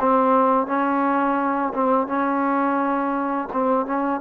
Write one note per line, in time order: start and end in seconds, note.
0.00 0.67 C4
0.67 1.73 C#4
1.75 2.08 C4
2.08 3.49 C#4
3.53 3.86 C4
3.86 4.21 C#4